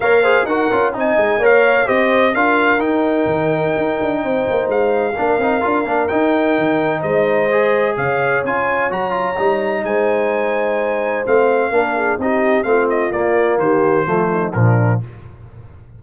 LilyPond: <<
  \new Staff \with { instrumentName = "trumpet" } { \time 4/4 \tempo 4 = 128 f''4 fis''4 gis''4 f''4 | dis''4 f''4 g''2~ | g''2 f''2~ | f''4 g''2 dis''4~ |
dis''4 f''4 gis''4 ais''4~ | ais''4 gis''2. | f''2 dis''4 f''8 dis''8 | d''4 c''2 ais'4 | }
  \new Staff \with { instrumentName = "horn" } { \time 4/4 cis''8 c''8 ais'4 dis''4 cis''4 | c''4 ais'2.~ | ais'4 c''2 ais'4~ | ais'2. c''4~ |
c''4 cis''2.~ | cis''4 c''2.~ | c''4 ais'8 gis'8 g'4 f'4~ | f'4 g'4 f'8 dis'8 d'4 | }
  \new Staff \with { instrumentName = "trombone" } { \time 4/4 ais'8 gis'8 fis'8 f'8 dis'4 ais'4 | g'4 f'4 dis'2~ | dis'2. d'8 dis'8 | f'8 d'8 dis'2. |
gis'2 f'4 fis'8 f'8 | dis'1 | c'4 d'4 dis'4 c'4 | ais2 a4 f4 | }
  \new Staff \with { instrumentName = "tuba" } { \time 4/4 ais4 dis'8 cis'8 c'8 gis8 ais4 | c'4 d'4 dis'4 dis4 | dis'8 d'8 c'8 ais8 gis4 ais8 c'8 | d'8 ais8 dis'4 dis4 gis4~ |
gis4 cis4 cis'4 fis4 | g4 gis2. | a4 ais4 c'4 a4 | ais4 dis4 f4 ais,4 | }
>>